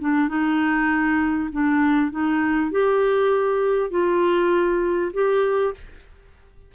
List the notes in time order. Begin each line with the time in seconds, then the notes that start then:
0.00 D4
0.28 D#4
1.52 D4
2.11 D#4
2.71 G4
3.90 F4
5.13 G4